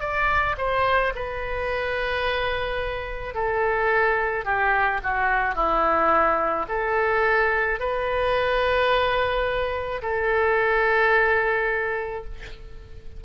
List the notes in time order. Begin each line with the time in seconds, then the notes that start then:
0.00 D5
0.57 C5
1.15 B4
3.34 A4
4.44 G4
5.03 F#4
5.55 E4
6.68 A4
7.79 B4
10.02 A4